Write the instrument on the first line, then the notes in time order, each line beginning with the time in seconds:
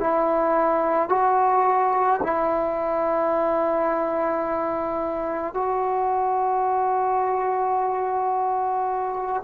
trombone
0.00 E4
1.10 F#4
2.23 E4
5.55 F#4